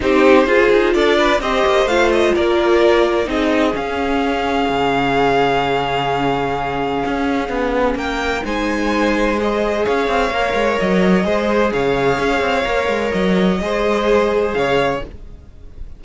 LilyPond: <<
  \new Staff \with { instrumentName = "violin" } { \time 4/4 \tempo 4 = 128 c''2 d''4 dis''4 | f''8 dis''8 d''2 dis''4 | f''1~ | f''1~ |
f''4 g''4 gis''2 | dis''4 f''2 dis''4~ | dis''4 f''2. | dis''2. f''4 | }
  \new Staff \with { instrumentName = "violin" } { \time 4/4 g'4 gis'4 a'8 b'8 c''4~ | c''4 ais'2 gis'4~ | gis'1~ | gis'1~ |
gis'4 ais'4 c''2~ | c''4 cis''2. | c''4 cis''2.~ | cis''4 c''2 cis''4 | }
  \new Staff \with { instrumentName = "viola" } { \time 4/4 dis'4 f'2 g'4 | f'2. dis'4 | cis'1~ | cis'1~ |
cis'2 dis'2 | gis'2 ais'2 | gis'2. ais'4~ | ais'4 gis'2. | }
  \new Staff \with { instrumentName = "cello" } { \time 4/4 c'4 f'8 dis'8 d'4 c'8 ais8 | a4 ais2 c'4 | cis'2 cis2~ | cis2. cis'4 |
b4 ais4 gis2~ | gis4 cis'8 c'8 ais8 gis8 fis4 | gis4 cis4 cis'8 c'8 ais8 gis8 | fis4 gis2 cis4 | }
>>